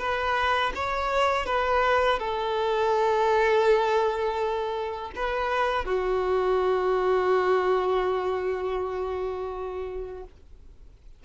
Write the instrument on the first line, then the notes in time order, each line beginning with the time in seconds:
violin
0.00 B4
0.75 C#5
1.46 B4
2.20 A4
5.16 B4
5.85 F#4